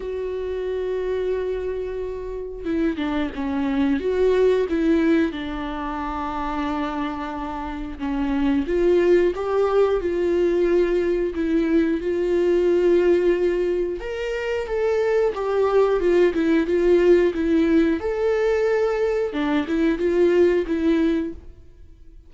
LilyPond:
\new Staff \with { instrumentName = "viola" } { \time 4/4 \tempo 4 = 90 fis'1 | e'8 d'8 cis'4 fis'4 e'4 | d'1 | cis'4 f'4 g'4 f'4~ |
f'4 e'4 f'2~ | f'4 ais'4 a'4 g'4 | f'8 e'8 f'4 e'4 a'4~ | a'4 d'8 e'8 f'4 e'4 | }